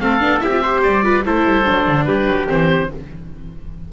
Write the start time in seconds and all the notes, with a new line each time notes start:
0.00 A3 C4 A4 F5
0.20 B3 D4
0.39 C4 E4 G4 E5
0.51 F4
0.62 G4 C5
0.83 G3 D5
1.03 F4 B4
1.25 A3 E4 A4 C5
1.44 G3
1.65 F#3 D4
1.88 D3
2.05 G3 G4 B4
2.26 F#3
2.47 E3 C4 C5